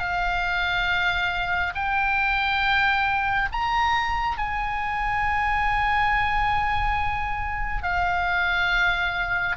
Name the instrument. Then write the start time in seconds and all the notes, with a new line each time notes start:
oboe
0.00 F5
1.75 G5
3.53 A#5
4.38 G#5
7.83 F5